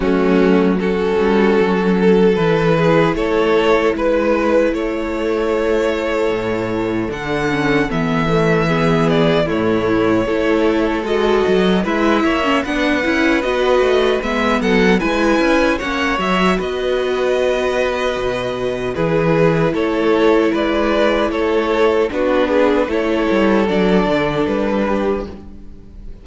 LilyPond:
<<
  \new Staff \with { instrumentName = "violin" } { \time 4/4 \tempo 4 = 76 fis'4 a'2 b'4 | cis''4 b'4 cis''2~ | cis''4 fis''4 e''4. d''8 | cis''2 dis''4 e''4 |
fis''4 dis''4 e''8 fis''8 gis''4 | fis''8 e''8 dis''2. | b'4 cis''4 d''4 cis''4 | b'4 cis''4 d''4 b'4 | }
  \new Staff \with { instrumentName = "violin" } { \time 4/4 cis'4 fis'4. a'4 gis'8 | a'4 b'4 a'2~ | a'2. gis'4 | e'4 a'2 b'8 cis''8 |
b'2~ b'8 a'8 b'4 | cis''4 b'2. | gis'4 a'4 b'4 a'4 | fis'8 gis'8 a'2~ a'8 g'8 | }
  \new Staff \with { instrumentName = "viola" } { \time 4/4 a4 cis'2 e'4~ | e'1~ | e'4 d'8 cis'8 b8 a8 b4 | a4 e'4 fis'4 e'8. cis'16 |
d'8 e'8 fis'4 b4 e'4 | cis'8 fis'2.~ fis'8 | e'1 | d'4 e'4 d'2 | }
  \new Staff \with { instrumentName = "cello" } { \time 4/4 fis4. g8 fis4 e4 | a4 gis4 a2 | a,4 d4 e2 | a,4 a4 gis8 fis8 gis8 ais8 |
b8 cis'8 b8 a8 gis8 fis8 gis8 cis'8 | ais8 fis8 b2 b,4 | e4 a4 gis4 a4 | b4 a8 g8 fis8 d8 g4 | }
>>